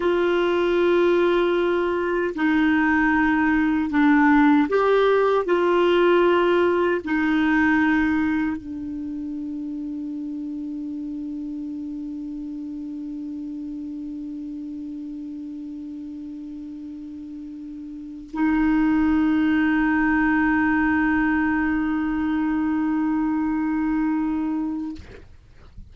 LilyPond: \new Staff \with { instrumentName = "clarinet" } { \time 4/4 \tempo 4 = 77 f'2. dis'4~ | dis'4 d'4 g'4 f'4~ | f'4 dis'2 d'4~ | d'1~ |
d'1~ | d'2.~ d'8 dis'8~ | dis'1~ | dis'1 | }